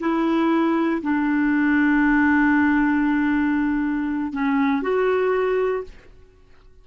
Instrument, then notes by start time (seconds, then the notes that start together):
clarinet
0.00 E4
1.02 D4
4.32 C#4
4.82 F#4